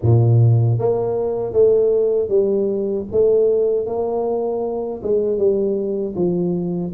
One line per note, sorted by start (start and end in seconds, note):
0.02 0.78 A#2
0.78 1.52 A#3
1.52 2.29 A3
2.29 3.06 G3
3.11 3.86 A3
3.86 5.01 A#3
5.02 5.38 G#3
5.38 6.15 G3
6.15 6.92 F3